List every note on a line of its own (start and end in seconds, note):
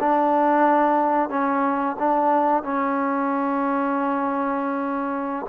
0.00 1.30 D4
1.30 1.96 C#4
1.99 2.63 D4
2.63 5.46 C#4